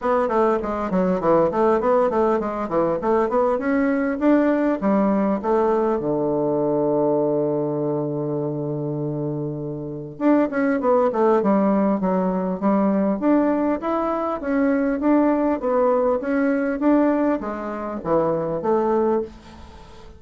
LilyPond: \new Staff \with { instrumentName = "bassoon" } { \time 4/4 \tempo 4 = 100 b8 a8 gis8 fis8 e8 a8 b8 a8 | gis8 e8 a8 b8 cis'4 d'4 | g4 a4 d2~ | d1~ |
d4 d'8 cis'8 b8 a8 g4 | fis4 g4 d'4 e'4 | cis'4 d'4 b4 cis'4 | d'4 gis4 e4 a4 | }